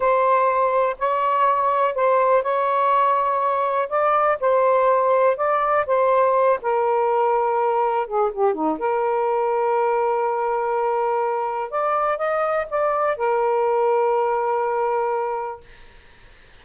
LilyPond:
\new Staff \with { instrumentName = "saxophone" } { \time 4/4 \tempo 4 = 123 c''2 cis''2 | c''4 cis''2. | d''4 c''2 d''4 | c''4. ais'2~ ais'8~ |
ais'8 gis'8 g'8 dis'8 ais'2~ | ais'1 | d''4 dis''4 d''4 ais'4~ | ais'1 | }